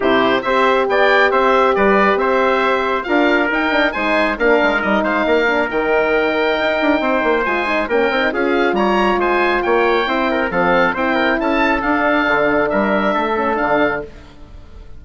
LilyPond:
<<
  \new Staff \with { instrumentName = "oboe" } { \time 4/4 \tempo 4 = 137 c''4 e''4 g''4 e''4 | d''4 e''2 f''4 | g''4 gis''4 f''4 dis''8 f''8~ | f''4 g''2.~ |
g''4 gis''4 g''4 f''4 | ais''4 gis''4 g''2 | f''4 g''4 a''4 f''4~ | f''4 e''2 f''4 | }
  \new Staff \with { instrumentName = "trumpet" } { \time 4/4 g'4 c''4 d''4 c''4 | b'4 c''2 ais'4~ | ais'4 c''4 ais'4. c''8 | ais'1 |
c''2 ais'4 gis'4 | cis''4 c''4 cis''4 c''8 ais'8 | a'4 c''8 ais'8 a'2~ | a'4 ais'4 a'2 | }
  \new Staff \with { instrumentName = "horn" } { \time 4/4 e'4 g'2.~ | g'2. f'4 | dis'8 d'8 dis'4 d'4 dis'4~ | dis'8 d'8 dis'2.~ |
dis'4 f'8 dis'8 cis'8 dis'8 f'4~ | f'2. e'4 | c'4 e'2 d'4~ | d'2~ d'8 cis'8 d'4 | }
  \new Staff \with { instrumentName = "bassoon" } { \time 4/4 c4 c'4 b4 c'4 | g4 c'2 d'4 | dis'4 gis4 ais8 gis8 g8 gis8 | ais4 dis2 dis'8 d'8 |
c'8 ais8 gis4 ais8 c'8 cis'4 | g4 gis4 ais4 c'4 | f4 c'4 cis'4 d'4 | d4 g4 a4 d4 | }
>>